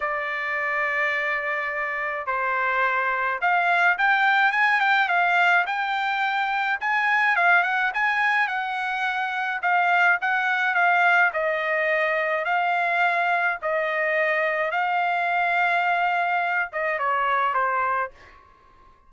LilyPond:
\new Staff \with { instrumentName = "trumpet" } { \time 4/4 \tempo 4 = 106 d''1 | c''2 f''4 g''4 | gis''8 g''8 f''4 g''2 | gis''4 f''8 fis''8 gis''4 fis''4~ |
fis''4 f''4 fis''4 f''4 | dis''2 f''2 | dis''2 f''2~ | f''4. dis''8 cis''4 c''4 | }